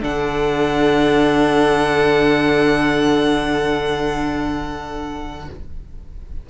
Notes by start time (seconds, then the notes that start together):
0.00 D3 D4 A4 F#5